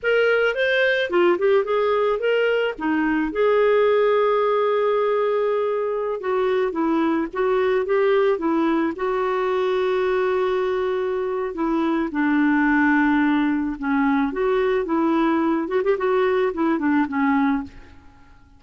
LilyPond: \new Staff \with { instrumentName = "clarinet" } { \time 4/4 \tempo 4 = 109 ais'4 c''4 f'8 g'8 gis'4 | ais'4 dis'4 gis'2~ | gis'2.~ gis'16 fis'8.~ | fis'16 e'4 fis'4 g'4 e'8.~ |
e'16 fis'2.~ fis'8.~ | fis'4 e'4 d'2~ | d'4 cis'4 fis'4 e'4~ | e'8 fis'16 g'16 fis'4 e'8 d'8 cis'4 | }